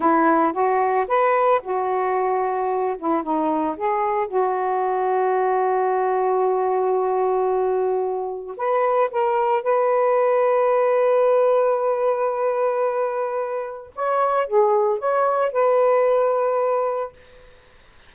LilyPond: \new Staff \with { instrumentName = "saxophone" } { \time 4/4 \tempo 4 = 112 e'4 fis'4 b'4 fis'4~ | fis'4. e'8 dis'4 gis'4 | fis'1~ | fis'1 |
b'4 ais'4 b'2~ | b'1~ | b'2 cis''4 gis'4 | cis''4 b'2. | }